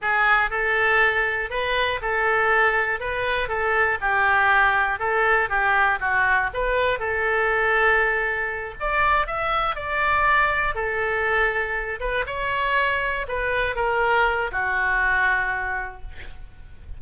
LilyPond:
\new Staff \with { instrumentName = "oboe" } { \time 4/4 \tempo 4 = 120 gis'4 a'2 b'4 | a'2 b'4 a'4 | g'2 a'4 g'4 | fis'4 b'4 a'2~ |
a'4. d''4 e''4 d''8~ | d''4. a'2~ a'8 | b'8 cis''2 b'4 ais'8~ | ais'4 fis'2. | }